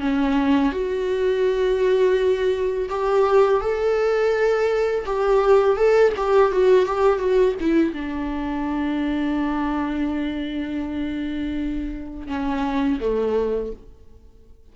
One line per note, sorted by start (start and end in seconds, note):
0.00 0.72 C#4
0.72 2.89 F#4
2.89 3.60 G4
3.60 5.05 A4
5.06 5.76 G4
5.76 6.12 A4
6.16 6.52 G4
6.52 6.85 F#4
6.85 7.19 G4
7.19 7.55 F#4
7.60 7.93 E4
7.93 12.27 D4
12.27 12.99 C#4
13.00 13.72 A3